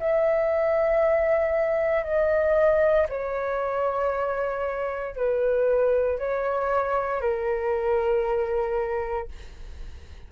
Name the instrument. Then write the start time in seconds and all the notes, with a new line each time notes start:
flute
0.00 E5
2.04 D#5
3.09 C#5
5.16 B4
6.19 C#5
7.21 A#4